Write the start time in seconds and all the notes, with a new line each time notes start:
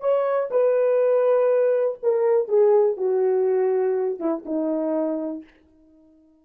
0.00 C#5
0.50 B4
2.02 A#4
2.48 G#4
2.96 F#4
4.19 E4
4.45 D#4